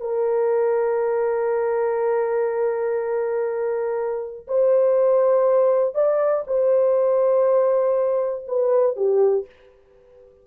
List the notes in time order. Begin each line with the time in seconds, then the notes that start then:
0.00 A#4
4.47 C5
5.94 D5
6.46 C5
8.47 B4
8.96 G4